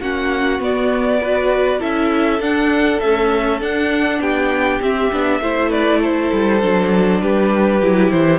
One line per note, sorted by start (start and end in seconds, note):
0.00 0.59 A#3
0.00 0.60 C#4
0.00 1.20 F#4
0.00 0.60 F#5
0.59 1.79 B3
0.59 1.20 B3
0.59 1.82 D5
1.20 1.79 F#4
1.20 1.79 B4
1.79 2.40 C#4
1.79 2.39 E4
1.79 4.19 A4
1.79 2.42 E5
2.40 3.00 D4
2.40 2.99 F#5
2.99 3.60 A3
2.99 3.61 C#4
2.99 3.59 E5
3.60 4.80 D4
3.60 4.19 D4
3.60 4.21 F#5
4.19 4.79 B3
4.19 5.40 G4
4.19 4.81 G5
4.80 5.10 C4
4.80 5.11 C4
4.80 5.71 E5
5.12 5.40 B3
5.12 5.41 D4
5.40 6.30 A3
5.40 6.61 E4
5.40 5.69 C5
5.69 5.99 B4
5.69 6.02 D5
6.01 7.21 A4
6.01 7.21 C5
6.32 6.62 G3
6.61 7.21 F#3
6.61 7.81 D4
7.21 7.81 G3
7.21 8.39 G4
7.21 8.10 B4
7.81 8.11 F#3
7.81 8.39 E4
8.10 8.39 E3
8.10 8.39 C5